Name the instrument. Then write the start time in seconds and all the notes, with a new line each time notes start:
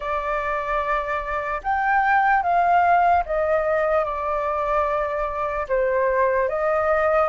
flute
0.00 D5
1.63 G5
2.42 F5
3.25 D#5
4.04 D5
5.68 C5
6.49 D#5